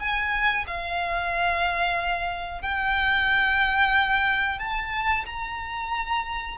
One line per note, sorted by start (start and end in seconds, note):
0.00 0.66 G#5
0.67 2.63 F5
2.63 4.59 G5
4.59 5.25 A5
5.26 6.58 A#5